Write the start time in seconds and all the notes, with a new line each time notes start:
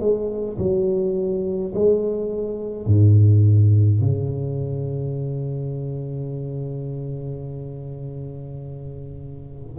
0.00 G#3
0.58 F#3
1.75 G#3
2.86 G#2
4.01 C#3